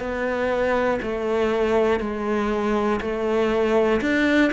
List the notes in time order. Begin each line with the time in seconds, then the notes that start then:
0.00 B3
1.02 A3
2.00 G#3
3.01 A3
4.01 D4